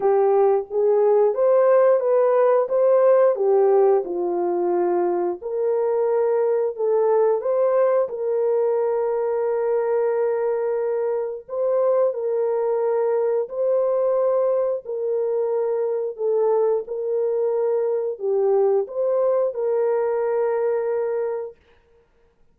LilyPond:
\new Staff \with { instrumentName = "horn" } { \time 4/4 \tempo 4 = 89 g'4 gis'4 c''4 b'4 | c''4 g'4 f'2 | ais'2 a'4 c''4 | ais'1~ |
ais'4 c''4 ais'2 | c''2 ais'2 | a'4 ais'2 g'4 | c''4 ais'2. | }